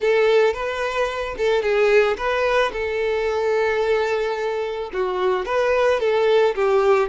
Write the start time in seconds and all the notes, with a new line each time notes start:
0.00 A4
0.53 B4
1.37 A4
1.62 G#4
2.17 B4
2.72 A4
4.93 F#4
5.45 B4
6.00 A4
6.55 G4